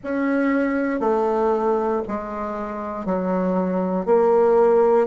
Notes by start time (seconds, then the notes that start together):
0.03 C#4
1.00 A3
2.08 G#3
3.05 F#3
4.05 A#3